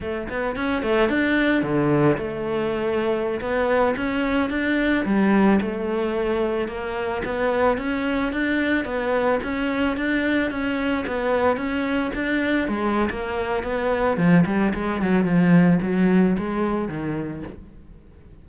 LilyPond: \new Staff \with { instrumentName = "cello" } { \time 4/4 \tempo 4 = 110 a8 b8 cis'8 a8 d'4 d4 | a2~ a16 b4 cis'8.~ | cis'16 d'4 g4 a4.~ a16~ | a16 ais4 b4 cis'4 d'8.~ |
d'16 b4 cis'4 d'4 cis'8.~ | cis'16 b4 cis'4 d'4 gis8. | ais4 b4 f8 g8 gis8 fis8 | f4 fis4 gis4 dis4 | }